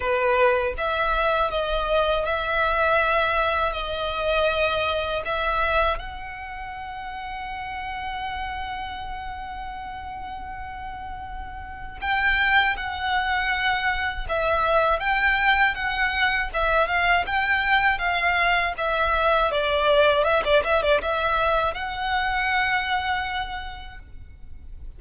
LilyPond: \new Staff \with { instrumentName = "violin" } { \time 4/4 \tempo 4 = 80 b'4 e''4 dis''4 e''4~ | e''4 dis''2 e''4 | fis''1~ | fis''1 |
g''4 fis''2 e''4 | g''4 fis''4 e''8 f''8 g''4 | f''4 e''4 d''4 e''16 d''16 e''16 d''16 | e''4 fis''2. | }